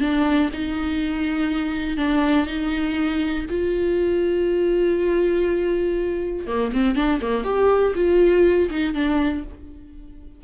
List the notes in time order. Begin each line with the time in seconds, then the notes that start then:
0.00 D4
0.52 D#4
1.97 D4
2.46 D#4
3.49 F4
6.46 A#3
6.72 C4
6.95 D4
7.21 A#3
7.44 G4
7.95 F4
8.70 D#4
8.94 D4